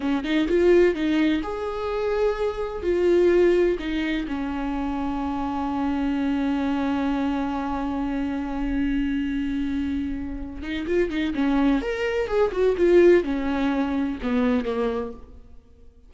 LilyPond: \new Staff \with { instrumentName = "viola" } { \time 4/4 \tempo 4 = 127 cis'8 dis'8 f'4 dis'4 gis'4~ | gis'2 f'2 | dis'4 cis'2.~ | cis'1~ |
cis'1~ | cis'2~ cis'8 dis'8 f'8 dis'8 | cis'4 ais'4 gis'8 fis'8 f'4 | cis'2 b4 ais4 | }